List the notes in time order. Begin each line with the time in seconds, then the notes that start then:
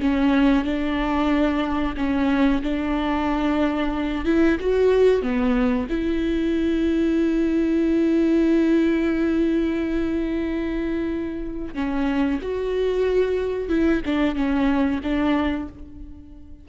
0.00 C#4
0.64 D4
1.96 C#4
2.62 D4
4.25 E4
4.60 F#4
5.21 B3
5.89 E4
11.74 C#4
12.41 F#4
13.69 E4
14.05 D4
14.35 C#4
15.03 D4